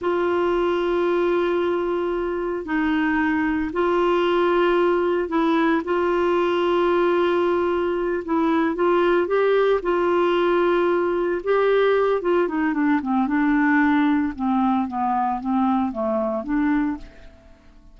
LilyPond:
\new Staff \with { instrumentName = "clarinet" } { \time 4/4 \tempo 4 = 113 f'1~ | f'4 dis'2 f'4~ | f'2 e'4 f'4~ | f'2.~ f'8 e'8~ |
e'8 f'4 g'4 f'4.~ | f'4. g'4. f'8 dis'8 | d'8 c'8 d'2 c'4 | b4 c'4 a4 d'4 | }